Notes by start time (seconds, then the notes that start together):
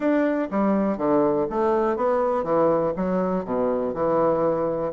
0.00 D4
0.51 G3
0.97 D3
1.50 A3
1.96 B3
2.43 E3
2.96 F#3
3.44 B2
3.94 E3